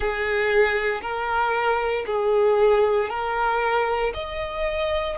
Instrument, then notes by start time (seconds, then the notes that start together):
violin
0.00 G#4
1.01 A#4
2.06 G#4
3.09 A#4
4.14 D#5